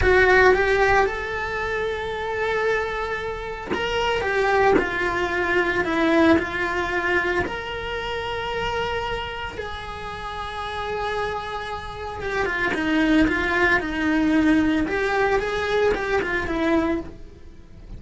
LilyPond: \new Staff \with { instrumentName = "cello" } { \time 4/4 \tempo 4 = 113 fis'4 g'4 a'2~ | a'2. ais'4 | g'4 f'2 e'4 | f'2 ais'2~ |
ais'2 gis'2~ | gis'2. g'8 f'8 | dis'4 f'4 dis'2 | g'4 gis'4 g'8 f'8 e'4 | }